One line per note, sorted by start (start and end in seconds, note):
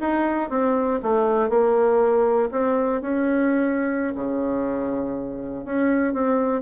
0.00 0.50 D#4
0.50 1.00 C4
1.02 1.49 A3
1.49 2.49 A#3
2.51 3.01 C4
3.01 4.14 C#4
4.15 5.65 C#3
5.65 6.13 C#4
6.13 6.61 C4